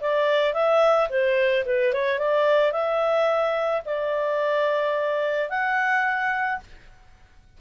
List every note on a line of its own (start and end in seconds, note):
0.00 0.53 D5
0.53 1.08 E5
1.09 1.64 C5
1.65 1.93 B4
1.93 2.19 C#5
2.19 2.72 D5
2.72 3.82 E5
3.85 5.49 D5
5.49 6.59 F#5